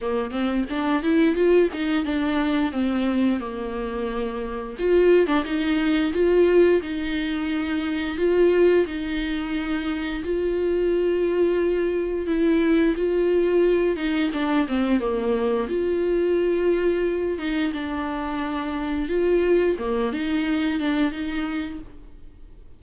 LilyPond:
\new Staff \with { instrumentName = "viola" } { \time 4/4 \tempo 4 = 88 ais8 c'8 d'8 e'8 f'8 dis'8 d'4 | c'4 ais2 f'8. d'16 | dis'4 f'4 dis'2 | f'4 dis'2 f'4~ |
f'2 e'4 f'4~ | f'8 dis'8 d'8 c'8 ais4 f'4~ | f'4. dis'8 d'2 | f'4 ais8 dis'4 d'8 dis'4 | }